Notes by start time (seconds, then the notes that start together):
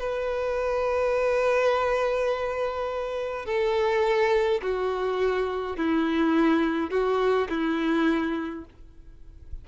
0.00 B4
3.46 A4
4.62 F#4
5.77 E4
6.90 F#4
7.49 E4